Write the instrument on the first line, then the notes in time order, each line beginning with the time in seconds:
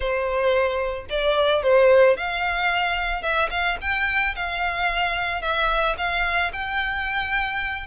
violin
0.00 C5
1.09 D5
1.62 C5
2.16 F5
3.22 E5
3.50 F5
3.81 G5
4.35 F5
5.41 E5
5.97 F5
6.52 G5